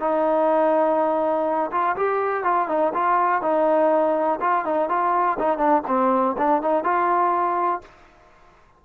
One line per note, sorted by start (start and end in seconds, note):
0.00 1.71 D#4
1.71 1.96 F4
1.96 2.44 G4
2.44 2.68 F4
2.69 2.93 D#4
2.94 3.42 F4
3.42 4.40 D#4
4.41 4.65 F4
4.65 4.89 D#4
4.89 5.38 F4
5.39 5.58 D#4
5.58 5.82 D4
5.88 6.36 C4
6.38 6.62 D4
6.62 6.84 D#4
6.84 7.81 F4